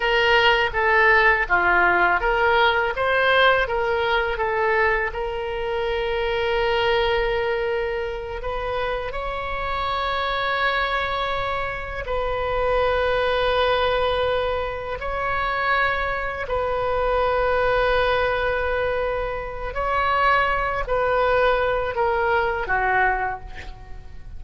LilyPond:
\new Staff \with { instrumentName = "oboe" } { \time 4/4 \tempo 4 = 82 ais'4 a'4 f'4 ais'4 | c''4 ais'4 a'4 ais'4~ | ais'2.~ ais'8 b'8~ | b'8 cis''2.~ cis''8~ |
cis''8 b'2.~ b'8~ | b'8 cis''2 b'4.~ | b'2. cis''4~ | cis''8 b'4. ais'4 fis'4 | }